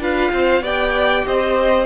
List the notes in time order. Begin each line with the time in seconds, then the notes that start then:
0.00 D4 F4 B4 F5
0.32 C4 C5
0.61 B3 G4 D5 G5
1.27 C4 C5 D#5